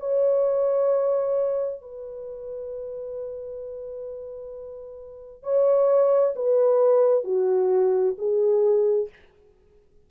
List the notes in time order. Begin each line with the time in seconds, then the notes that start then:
0.00 C#5
1.81 B4
5.44 C#5
6.36 B4
7.24 F#4
8.18 G#4